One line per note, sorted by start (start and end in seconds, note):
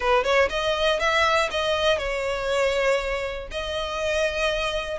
0.00 0.24 B4
0.24 0.49 C#5
0.49 0.99 D#5
0.99 1.49 E5
1.50 1.97 D#5
1.97 3.47 C#5
3.51 4.98 D#5